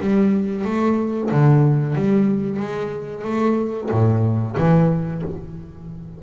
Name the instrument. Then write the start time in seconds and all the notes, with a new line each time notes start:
double bass
0.00 G3
0.65 A3
1.31 D3
1.95 G3
2.59 G#3
3.24 A3
3.91 A2
4.57 E3